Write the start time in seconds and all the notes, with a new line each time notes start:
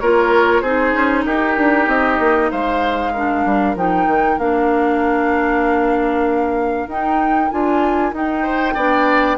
0.00 A#3 F4 A#4 C#5
0.61 C4 D#4 G#4 C5
0.93 C#4
1.26 D#4 G4 A#4
1.57 D4
1.87 C4 D#5
2.19 A#3
2.51 G#3 C5 F5
3.13 D4 A#4
3.46 G3
3.76 F3 D#4 G5
4.07 D#3
4.38 A#3 D4 F5
6.87 D#4 G5
7.51 D4 F4 G#5
8.12 D#4 G5
8.43 C5
8.75 B3 D4 D5